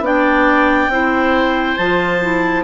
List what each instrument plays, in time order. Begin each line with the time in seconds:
0.00 bassoon B3, clarinet D4 G5, oboe D5
0.89 bassoon C4, clarinet E4, oboe C5
1.76 bassoon F3, clarinet F4 A5
2.22 clarinet E4